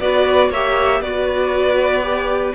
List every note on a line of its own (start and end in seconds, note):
0.00 0.50 B3
0.00 0.52 F#4
0.00 0.51 B4
0.00 0.52 D5
0.50 1.01 A#3
0.50 1.03 G4
0.50 1.01 C#5
0.50 1.02 E5
1.01 2.53 B3
1.01 2.03 F#4
1.01 2.55 B4
1.01 2.55 D5
2.03 2.54 G4